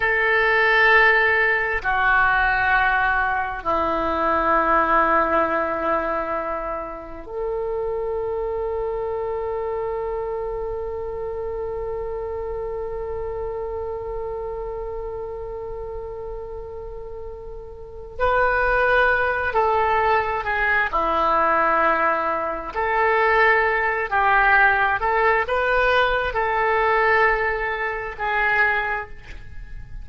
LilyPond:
\new Staff \with { instrumentName = "oboe" } { \time 4/4 \tempo 4 = 66 a'2 fis'2 | e'1 | a'1~ | a'1~ |
a'1 | b'4. a'4 gis'8 e'4~ | e'4 a'4. g'4 a'8 | b'4 a'2 gis'4 | }